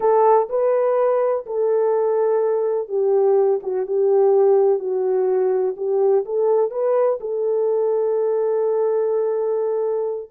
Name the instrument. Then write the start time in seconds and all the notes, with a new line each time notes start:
horn
0.00 A4
0.49 B4
1.46 A4
2.88 G4
3.62 F#4
3.86 G4
4.79 F#4
5.76 G4
6.25 A4
6.70 B4
7.20 A4